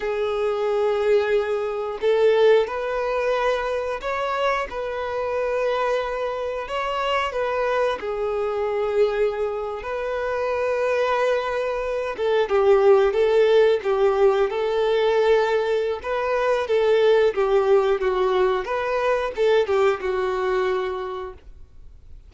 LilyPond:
\new Staff \with { instrumentName = "violin" } { \time 4/4 \tempo 4 = 90 gis'2. a'4 | b'2 cis''4 b'4~ | b'2 cis''4 b'4 | gis'2~ gis'8. b'4~ b'16~ |
b'2~ b'16 a'8 g'4 a'16~ | a'8. g'4 a'2~ a'16 | b'4 a'4 g'4 fis'4 | b'4 a'8 g'8 fis'2 | }